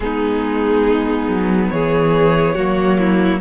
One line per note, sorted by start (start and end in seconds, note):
0.00 1.27 G#3
0.00 2.57 B3
0.00 1.73 D#4
0.00 1.69 G#4
1.27 1.70 F#3
1.69 2.56 E3
1.69 2.54 G#4
1.69 3.41 C#5
2.54 3.41 F#3
2.54 3.41 A#3
2.54 2.97 F#4
2.98 3.41 E4